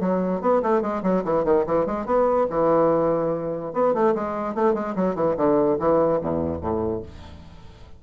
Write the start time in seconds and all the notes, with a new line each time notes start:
0.00 F#3
0.41 B3
0.62 A3
0.82 G#3
1.03 F#3
1.24 E3
1.44 D#3
1.67 E3
1.86 G#3
2.06 B3
2.50 E3
3.73 B3
3.94 A3
4.15 G#3
4.55 A3
4.74 G#3
4.96 F#3
5.15 E3
5.37 D3
5.79 E3
6.21 E2
6.61 A2